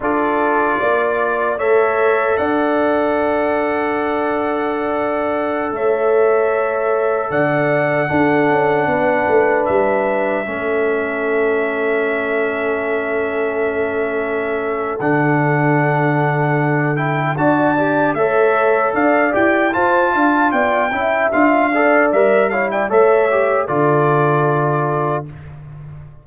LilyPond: <<
  \new Staff \with { instrumentName = "trumpet" } { \time 4/4 \tempo 4 = 76 d''2 e''4 fis''4~ | fis''2.~ fis''16 e''8.~ | e''4~ e''16 fis''2~ fis''8.~ | fis''16 e''2.~ e''8.~ |
e''2. fis''4~ | fis''4. g''8 a''4 e''4 | f''8 g''8 a''4 g''4 f''4 | e''8 f''16 g''16 e''4 d''2 | }
  \new Staff \with { instrumentName = "horn" } { \time 4/4 a'4 d''4 cis''4 d''4~ | d''2.~ d''16 cis''8.~ | cis''4~ cis''16 d''4 a'4 b'8.~ | b'4~ b'16 a'2~ a'8.~ |
a'1~ | a'2 d''4 cis''4 | d''4 c''8 f''8 d''8 e''4 d''8~ | d''8 cis''16 d''16 cis''4 a'2 | }
  \new Staff \with { instrumentName = "trombone" } { \time 4/4 f'2 a'2~ | a'1~ | a'2~ a'16 d'4.~ d'16~ | d'4~ d'16 cis'2~ cis'8.~ |
cis'2. d'4~ | d'4. e'8 fis'8 g'8 a'4~ | a'8 g'8 f'4. e'8 f'8 a'8 | ais'8 e'8 a'8 g'8 f'2 | }
  \new Staff \with { instrumentName = "tuba" } { \time 4/4 d'4 ais4 a4 d'4~ | d'2.~ d'16 a8.~ | a4~ a16 d4 d'8 cis'8 b8 a16~ | a16 g4 a2~ a8.~ |
a2. d4~ | d2 d'4 a4 | d'8 e'8 f'8 d'8 b8 cis'8 d'4 | g4 a4 d2 | }
>>